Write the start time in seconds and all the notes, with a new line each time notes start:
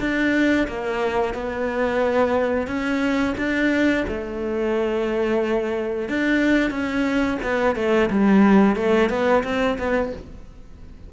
0.00 D4
0.68 A#3
1.34 B3
2.67 C#4
3.38 D4
4.08 A3
6.09 D4
6.70 C#4
7.43 B3
7.76 A3
8.10 G3
8.76 A3
9.10 B3
9.44 C4
9.79 B3